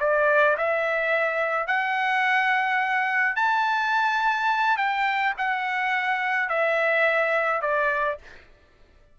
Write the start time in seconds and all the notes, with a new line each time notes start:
0.00 D5
0.57 E5
1.67 F#5
3.36 A5
4.77 G5
5.38 F#5
6.49 E5
7.62 D5